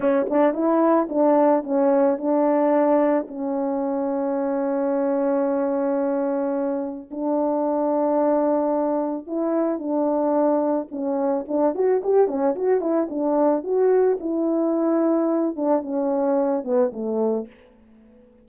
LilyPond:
\new Staff \with { instrumentName = "horn" } { \time 4/4 \tempo 4 = 110 cis'8 d'8 e'4 d'4 cis'4 | d'2 cis'2~ | cis'1~ | cis'4 d'2.~ |
d'4 e'4 d'2 | cis'4 d'8 fis'8 g'8 cis'8 fis'8 e'8 | d'4 fis'4 e'2~ | e'8 d'8 cis'4. b8 a4 | }